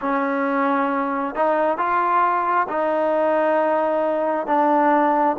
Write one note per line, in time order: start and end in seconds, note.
0.01 1.35 C#4
1.35 1.77 D#4
1.77 2.67 F4
2.68 4.46 D#4
4.46 5.36 D4